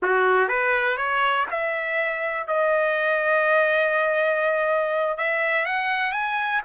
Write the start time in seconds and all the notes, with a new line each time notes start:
0.02 F#4
0.48 B4
0.97 C#5
1.50 E5
2.47 D#5
5.17 E5
5.65 F#5
6.12 G#5